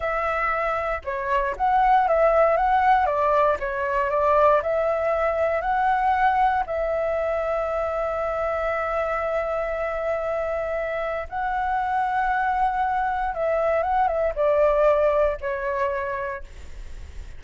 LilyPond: \new Staff \with { instrumentName = "flute" } { \time 4/4 \tempo 4 = 117 e''2 cis''4 fis''4 | e''4 fis''4 d''4 cis''4 | d''4 e''2 fis''4~ | fis''4 e''2.~ |
e''1~ | e''2 fis''2~ | fis''2 e''4 fis''8 e''8 | d''2 cis''2 | }